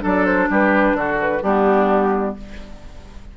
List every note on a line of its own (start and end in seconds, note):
0.00 0.50 F#3
0.00 1.40 D4
0.00 0.49 A4
0.06 0.26 D5
0.26 0.49 C5
0.50 0.94 G3
0.50 0.97 G4
0.50 0.97 B4
0.94 1.40 D3
0.94 1.43 F#4
0.94 1.20 A4
1.22 1.43 B4
1.43 2.36 G3
1.43 2.38 B3
1.43 2.36 D4
1.43 2.36 G4